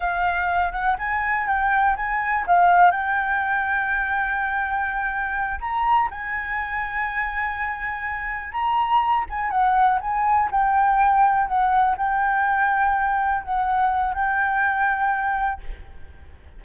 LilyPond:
\new Staff \with { instrumentName = "flute" } { \time 4/4 \tempo 4 = 123 f''4. fis''8 gis''4 g''4 | gis''4 f''4 g''2~ | g''2.~ g''8 ais''8~ | ais''8 gis''2.~ gis''8~ |
gis''4. ais''4. gis''8 fis''8~ | fis''8 gis''4 g''2 fis''8~ | fis''8 g''2. fis''8~ | fis''4 g''2. | }